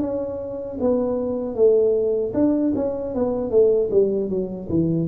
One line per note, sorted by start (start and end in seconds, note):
0.00 0.78 C#4
0.80 1.55 B3
1.55 2.33 A3
2.34 2.73 D4
2.76 3.15 C#4
3.15 3.51 B3
3.51 3.90 A3
3.91 4.29 G3
4.29 4.68 F#3
4.69 5.08 E3